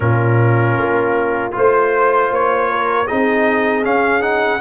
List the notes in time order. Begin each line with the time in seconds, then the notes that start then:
0.00 A#2 C#4 F4 A#4
0.77 A#3
1.51 A3 F4 C5
2.31 A#3 C#5
2.71 A#4
3.07 C4 D#4 G#4 D#5
3.83 C#4 F5
4.20 D#4 F#5